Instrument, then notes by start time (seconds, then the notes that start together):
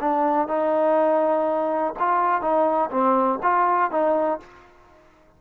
trombone
0.00 D4
0.47 D#4
1.99 F4
2.41 D#4
2.90 C4
3.43 F4
3.91 D#4